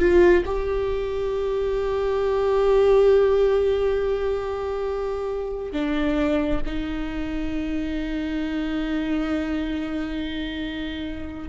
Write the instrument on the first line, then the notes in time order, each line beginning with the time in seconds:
viola
0.00 F4
0.46 G4
5.73 D4
6.66 D#4